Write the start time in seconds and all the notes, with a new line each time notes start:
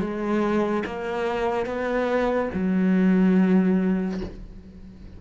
0.00 G#3
0.86 A#3
1.66 B3
2.53 F#3